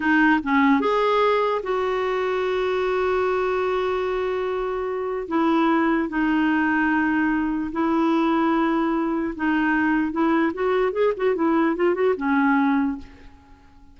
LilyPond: \new Staff \with { instrumentName = "clarinet" } { \time 4/4 \tempo 4 = 148 dis'4 cis'4 gis'2 | fis'1~ | fis'1~ | fis'4 e'2 dis'4~ |
dis'2. e'4~ | e'2. dis'4~ | dis'4 e'4 fis'4 gis'8 fis'8 | e'4 f'8 fis'8 cis'2 | }